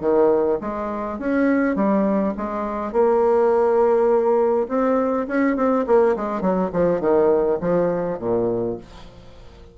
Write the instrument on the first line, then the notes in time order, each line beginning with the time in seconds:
bassoon
0.00 D#3
0.61 G#3
1.18 C#4
1.75 G3
2.37 G#3
2.92 A#3
4.68 C4
5.27 C#4
5.56 C4
5.86 A#3
6.16 G#3
6.41 F#3
6.73 F3
7.00 D#3
7.60 F3
8.18 A#2